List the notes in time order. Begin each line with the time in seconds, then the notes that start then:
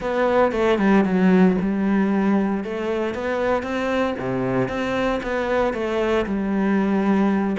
0.00 B3
0.52 A3
0.78 G3
1.04 F#3
1.61 G3
2.63 A3
3.14 B3
3.62 C4
4.19 C3
4.68 C4
5.22 B3
5.73 A3
6.26 G3